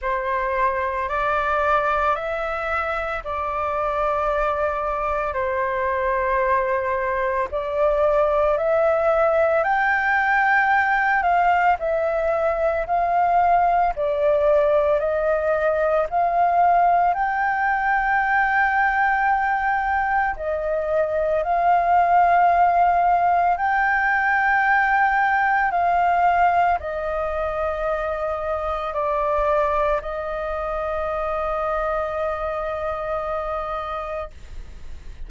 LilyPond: \new Staff \with { instrumentName = "flute" } { \time 4/4 \tempo 4 = 56 c''4 d''4 e''4 d''4~ | d''4 c''2 d''4 | e''4 g''4. f''8 e''4 | f''4 d''4 dis''4 f''4 |
g''2. dis''4 | f''2 g''2 | f''4 dis''2 d''4 | dis''1 | }